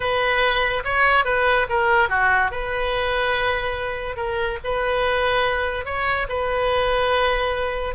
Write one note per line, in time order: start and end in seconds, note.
0.00 0.83 B4
0.84 1.24 C#5
1.24 1.66 B4
1.69 2.09 A#4
2.09 2.51 F#4
2.51 4.16 B4
4.16 4.58 A#4
4.64 5.85 B4
5.85 6.27 C#5
6.28 7.95 B4